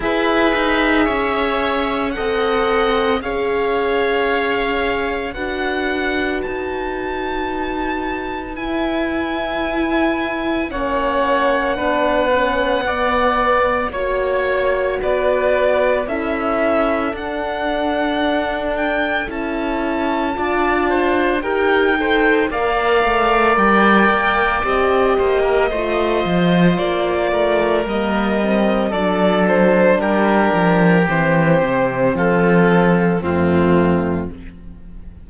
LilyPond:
<<
  \new Staff \with { instrumentName = "violin" } { \time 4/4 \tempo 4 = 56 e''2 fis''4 f''4~ | f''4 fis''4 a''2 | gis''2 fis''2~ | fis''4 cis''4 d''4 e''4 |
fis''4. g''8 a''2 | g''4 f''4 g''4 dis''4~ | dis''4 d''4 dis''4 d''8 c''8 | ais'4 c''4 a'4 f'4 | }
  \new Staff \with { instrumentName = "oboe" } { \time 4/4 b'4 cis''4 dis''4 cis''4~ | cis''4 b'2.~ | b'2 cis''4 b'4 | d''4 cis''4 b'4 a'4~ |
a'2. d''8 c''8 | ais'8 c''8 d''2~ d''8 c''16 ais'16 | c''4. ais'4. a'4 | g'2 f'4 c'4 | }
  \new Staff \with { instrumentName = "horn" } { \time 4/4 gis'2 a'4 gis'4~ | gis'4 fis'2. | e'2 cis'4 d'8 cis'8 | b4 fis'2 e'4 |
d'2 e'4 f'4 | g'8 a'8 ais'2 g'4 | f'2 ais8 c'8 d'4~ | d'4 c'2 a4 | }
  \new Staff \with { instrumentName = "cello" } { \time 4/4 e'8 dis'8 cis'4 c'4 cis'4~ | cis'4 d'4 dis'2 | e'2 ais4 b4~ | b4 ais4 b4 cis'4 |
d'2 cis'4 d'4 | dis'4 ais8 a8 g8 ais8 c'8 ais8 | a8 f8 ais8 a8 g4 fis4 | g8 f8 e8 c8 f4 f,4 | }
>>